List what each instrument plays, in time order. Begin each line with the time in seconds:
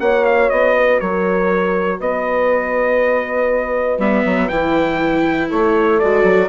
0.00 bassoon A#3, viola F#4, horn C#5, trumpet F#5
0.25 trumpet F5
0.50 bassoon B3, trumpet D#5
0.78 horn B4
1.00 bassoon F#3, horn A#4, trumpet C#5
1.99 bassoon B3, horn B4, trumpet D#5
3.98 bassoon G3, viola B3, trumpet E5
4.25 bassoon F#3
4.48 bassoon E3, viola E4, trumpet G5
5.49 bassoon A3, horn A4, trumpet C#5
5.99 bassoon G#3, viola F#4, trumpet D5
6.23 bassoon F#3